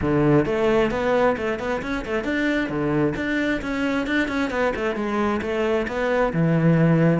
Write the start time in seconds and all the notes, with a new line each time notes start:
0.01 D3
0.45 A3
0.90 B3
1.37 A3
1.59 B3
1.82 C#4
2.05 A3
2.24 D4
2.69 D3
3.16 D4
3.61 C#4
4.06 D4
4.28 C#4
4.50 B3
4.75 A3
4.95 G#3
5.41 A3
5.87 B3
6.33 E3